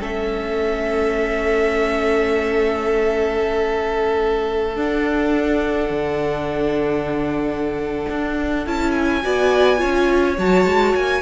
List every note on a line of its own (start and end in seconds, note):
0.00 4.78 A3
0.00 4.76 C#4
0.00 9.23 A4
0.00 4.79 E5
4.76 8.66 D4
4.76 5.90 D4
4.76 8.68 F#5
5.90 8.07 D3
8.10 8.67 D4
8.67 9.25 C#4
8.67 9.24 E4
8.67 8.92 A5
8.92 10.36 G#5
9.24 9.83 B3
9.24 9.78 F#4
9.24 9.80 D5
9.78 10.39 C#4
9.78 10.36 F4
9.78 11.23 C#5
10.38 10.66 F#3
10.38 11.23 F#4
10.38 10.96 A5
10.66 10.95 G#3
10.96 11.23 A#3
10.96 11.23 G#5